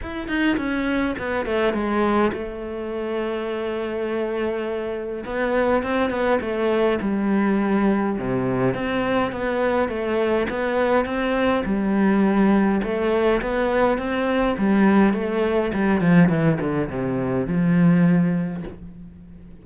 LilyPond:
\new Staff \with { instrumentName = "cello" } { \time 4/4 \tempo 4 = 103 e'8 dis'8 cis'4 b8 a8 gis4 | a1~ | a4 b4 c'8 b8 a4 | g2 c4 c'4 |
b4 a4 b4 c'4 | g2 a4 b4 | c'4 g4 a4 g8 f8 | e8 d8 c4 f2 | }